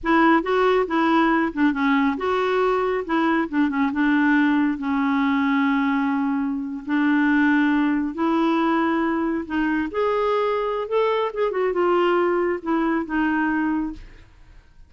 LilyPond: \new Staff \with { instrumentName = "clarinet" } { \time 4/4 \tempo 4 = 138 e'4 fis'4 e'4. d'8 | cis'4 fis'2 e'4 | d'8 cis'8 d'2 cis'4~ | cis'2.~ cis'8. d'16~ |
d'2~ d'8. e'4~ e'16~ | e'4.~ e'16 dis'4 gis'4~ gis'16~ | gis'4 a'4 gis'8 fis'8 f'4~ | f'4 e'4 dis'2 | }